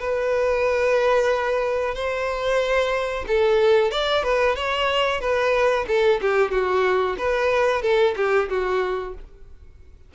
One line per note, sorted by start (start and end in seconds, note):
0.00 1.94 B4
1.94 3.25 C5
3.27 3.91 A4
3.91 4.23 D5
4.23 4.55 B4
4.55 5.20 C#5
5.20 5.85 B4
5.87 6.20 A4
6.21 6.51 G4
6.51 7.16 F#4
7.17 7.82 B4
7.82 8.14 A4
8.16 8.48 G4
8.49 9.14 F#4